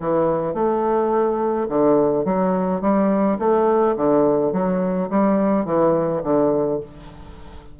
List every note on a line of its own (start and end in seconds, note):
0.00 0.54 E3
0.54 1.67 A3
1.69 2.25 D3
2.25 2.81 F#3
2.81 3.38 G3
3.39 3.95 A3
3.96 4.53 D3
4.53 5.09 F#3
5.10 5.65 G3
5.65 6.22 E3
6.23 6.80 D3